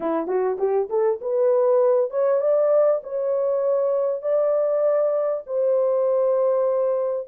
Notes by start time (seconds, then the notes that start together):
0.00 E4
0.27 F#4
0.58 G4
0.89 A4
1.21 B4
2.10 C#5
2.40 D5
3.03 C#5
4.22 D5
5.46 C5